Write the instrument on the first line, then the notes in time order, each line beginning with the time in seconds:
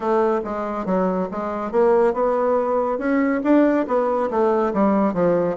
bassoon
0.00 A3
0.44 G#3
0.85 F#3
1.31 G#3
1.71 A#3
2.13 B3
2.98 C#4
3.43 D4
3.87 B3
4.30 A3
4.73 G3
5.13 F3